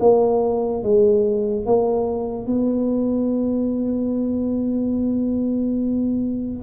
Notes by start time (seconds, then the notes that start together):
0.00 A#3
0.84 G#3
1.66 A#3
2.47 B3